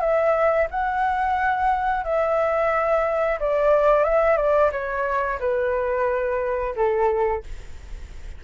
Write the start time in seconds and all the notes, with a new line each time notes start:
0.00 E5
0.70 F#5
2.04 E5
3.40 D5
4.04 E5
4.37 D5
4.71 C#5
5.40 B4
6.76 A4